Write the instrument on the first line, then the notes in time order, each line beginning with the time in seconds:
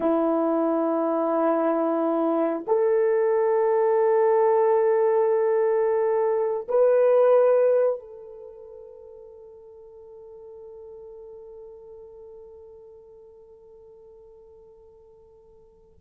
horn
0.00 E4
2.67 A4
6.68 B4
7.99 A4